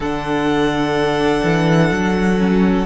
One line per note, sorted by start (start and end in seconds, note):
0.00 1.41 D3
0.00 2.38 D4
0.00 2.85 A4
0.00 2.85 F#5
1.43 1.90 E3
1.90 2.85 F#3
2.38 2.85 C#4